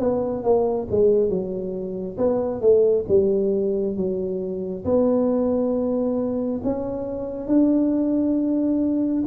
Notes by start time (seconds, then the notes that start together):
0.00 B3
0.44 A#3
0.91 G#3
1.30 F#3
2.18 B3
2.61 A3
3.09 G3
3.97 F#3
4.85 B3
6.64 C#4
7.48 D4